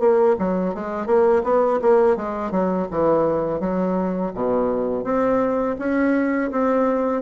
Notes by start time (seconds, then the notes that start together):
0.00 A#3
0.39 F#3
0.75 G#3
1.07 A#3
1.44 B3
1.82 A#3
2.17 G#3
2.52 F#3
2.91 E3
3.60 F#3
4.34 B2
5.04 C4
5.79 C#4
6.52 C4